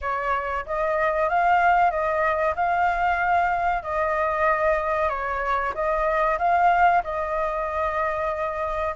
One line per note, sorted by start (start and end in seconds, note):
0.01 0.65 C#5
0.66 1.29 D#5
1.29 1.90 F5
1.90 2.54 D#5
2.55 3.82 F5
3.82 5.09 D#5
5.09 5.73 C#5
5.74 6.38 D#5
6.38 7.02 F5
7.03 8.95 D#5